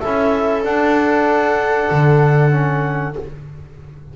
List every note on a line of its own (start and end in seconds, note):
0.00 0.65 C#4
0.00 0.64 E4
0.00 3.14 A4
0.00 0.62 E5
0.64 2.52 D4
0.64 1.90 D4
0.64 3.15 F#5
1.91 3.16 D3
2.52 3.14 C#4